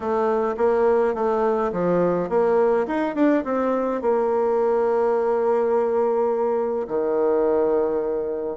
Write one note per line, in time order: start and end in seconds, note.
0.00 0.55 A3
0.57 1.14 A#3
1.14 1.71 A3
1.72 2.29 F3
2.29 2.86 A#3
2.87 3.15 D#4
3.15 3.43 D4
3.44 4.01 C4
4.01 6.87 A#3
6.87 8.57 D#3